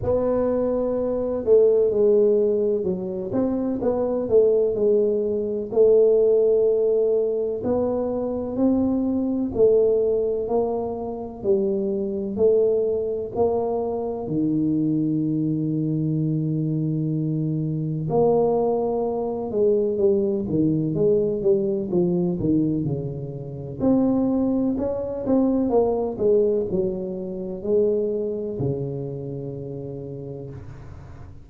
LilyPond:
\new Staff \with { instrumentName = "tuba" } { \time 4/4 \tempo 4 = 63 b4. a8 gis4 fis8 c'8 | b8 a8 gis4 a2 | b4 c'4 a4 ais4 | g4 a4 ais4 dis4~ |
dis2. ais4~ | ais8 gis8 g8 dis8 gis8 g8 f8 dis8 | cis4 c'4 cis'8 c'8 ais8 gis8 | fis4 gis4 cis2 | }